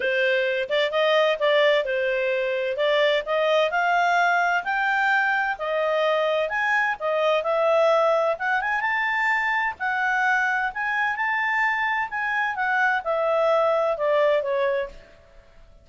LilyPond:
\new Staff \with { instrumentName = "clarinet" } { \time 4/4 \tempo 4 = 129 c''4. d''8 dis''4 d''4 | c''2 d''4 dis''4 | f''2 g''2 | dis''2 gis''4 dis''4 |
e''2 fis''8 gis''8 a''4~ | a''4 fis''2 gis''4 | a''2 gis''4 fis''4 | e''2 d''4 cis''4 | }